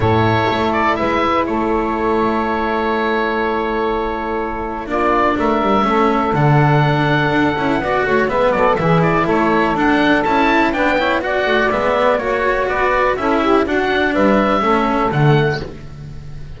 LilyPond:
<<
  \new Staff \with { instrumentName = "oboe" } { \time 4/4 \tempo 4 = 123 cis''4. d''8 e''4 cis''4~ | cis''1~ | cis''2 d''4 e''4~ | e''4 fis''2.~ |
fis''4 e''8 d''8 e''8 d''8 cis''4 | fis''4 a''4 g''4 fis''4 | e''4 cis''4 d''4 e''4 | fis''4 e''2 fis''4 | }
  \new Staff \with { instrumentName = "saxophone" } { \time 4/4 a'2 b'4 a'4~ | a'1~ | a'2 f'4 ais'4 | a'1 |
d''8 cis''8 b'8 a'8 gis'4 a'4~ | a'2 b'8 cis''8 d''4~ | d''4 cis''4 b'4 a'8 g'8 | fis'4 b'4 a'2 | }
  \new Staff \with { instrumentName = "cello" } { \time 4/4 e'1~ | e'1~ | e'2 d'2 | cis'4 d'2~ d'8 e'8 |
fis'4 b4 e'2 | d'4 e'4 d'8 e'8 fis'4 | b4 fis'2 e'4 | d'2 cis'4 a4 | }
  \new Staff \with { instrumentName = "double bass" } { \time 4/4 a,4 a4 gis4 a4~ | a1~ | a2 ais4 a8 g8 | a4 d2 d'8 cis'8 |
b8 a8 gis8 fis8 e4 a4 | d'4 cis'4 b4. a8 | gis4 ais4 b4 cis'4 | d'4 g4 a4 d4 | }
>>